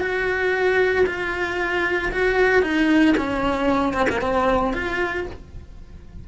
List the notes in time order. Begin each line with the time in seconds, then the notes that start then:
0.00 F#4
1.06 F4
2.12 F#4
2.62 D#4
3.17 C#4
3.94 C4
4.10 A#3
4.21 C4
4.73 F4